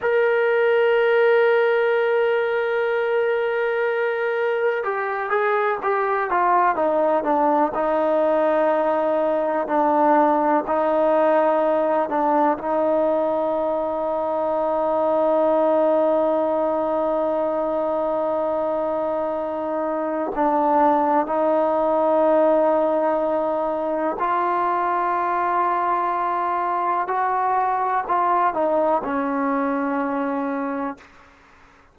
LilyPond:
\new Staff \with { instrumentName = "trombone" } { \time 4/4 \tempo 4 = 62 ais'1~ | ais'4 g'8 gis'8 g'8 f'8 dis'8 d'8 | dis'2 d'4 dis'4~ | dis'8 d'8 dis'2.~ |
dis'1~ | dis'4 d'4 dis'2~ | dis'4 f'2. | fis'4 f'8 dis'8 cis'2 | }